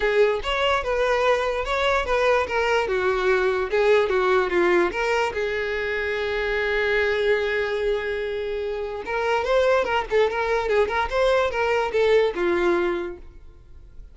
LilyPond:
\new Staff \with { instrumentName = "violin" } { \time 4/4 \tempo 4 = 146 gis'4 cis''4 b'2 | cis''4 b'4 ais'4 fis'4~ | fis'4 gis'4 fis'4 f'4 | ais'4 gis'2.~ |
gis'1~ | gis'2 ais'4 c''4 | ais'8 a'8 ais'4 gis'8 ais'8 c''4 | ais'4 a'4 f'2 | }